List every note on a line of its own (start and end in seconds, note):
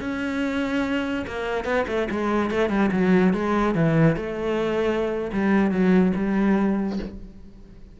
0.00 1.25 C#4
1.27 1.64 A#3
1.64 1.85 B3
1.87 2.08 A3
2.11 2.50 G#3
2.50 2.69 A3
2.69 2.90 G3
2.92 3.33 F#3
3.33 3.75 G#3
3.75 4.16 E3
4.16 5.31 A3
5.32 5.71 G3
5.71 6.12 F#3
6.16 6.99 G3